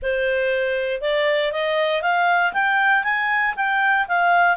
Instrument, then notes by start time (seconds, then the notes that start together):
clarinet
0.02 C5
1.01 D5
1.52 D#5
2.02 F5
2.53 G5
3.03 G#5
3.56 G5
4.07 F5